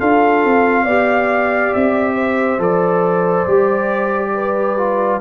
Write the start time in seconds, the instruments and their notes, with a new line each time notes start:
0.00 tuba D4, trombone F4, horn A4, trumpet F5
0.45 tuba C4
0.84 tuba B3, trombone G4, horn D5
1.74 tuba C4, trumpet E5
2.15 horn C5
2.59 tuba F3, trombone A4, trumpet D5
3.47 tuba G3, trombone G4
4.35 horn B4
4.78 trombone F4